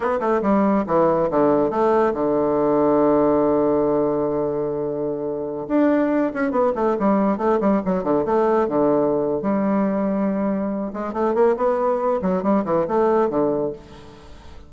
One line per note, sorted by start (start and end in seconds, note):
0.00 0.19 B3
0.19 0.41 A3
0.41 0.84 G3
0.86 1.29 E3
1.30 1.70 D3
1.70 2.13 A3
2.13 5.67 D3
5.68 6.32 D4
6.33 6.51 C#4
6.51 6.72 B3
6.75 6.96 A3
6.99 7.37 G3
7.37 7.59 A3
7.60 7.81 G3
7.85 8.03 F#3
8.03 8.24 D3
8.25 8.67 A3
8.67 9.42 D3
9.42 10.92 G3
10.93 11.13 G#3
11.13 11.34 A3
11.34 11.55 A#3
11.56 12.20 B3
12.22 12.42 F#3
12.42 12.64 G3
12.64 12.86 E3
12.87 13.29 A3
13.29 13.72 D3